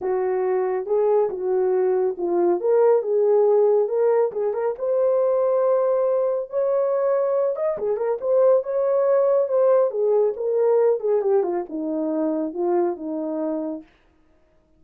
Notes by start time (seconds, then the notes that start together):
0.01 F#4
0.86 G#4
1.29 F#4
2.17 F4
2.60 A#4
3.02 G#4
3.88 A#4
4.32 G#4
4.53 A#4
4.78 C5
6.50 C#5
7.56 D#5
7.78 G#4
7.96 A#4
8.21 C5
8.63 C#5
9.48 C5
9.91 G#4
10.36 A#4
11.00 G#4
11.21 G4
11.43 F4
11.69 D#4
12.53 F4
12.96 D#4